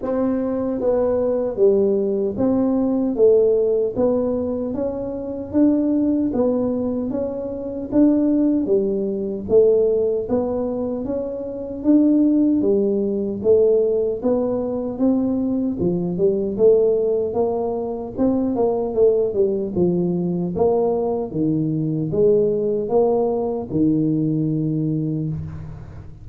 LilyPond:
\new Staff \with { instrumentName = "tuba" } { \time 4/4 \tempo 4 = 76 c'4 b4 g4 c'4 | a4 b4 cis'4 d'4 | b4 cis'4 d'4 g4 | a4 b4 cis'4 d'4 |
g4 a4 b4 c'4 | f8 g8 a4 ais4 c'8 ais8 | a8 g8 f4 ais4 dis4 | gis4 ais4 dis2 | }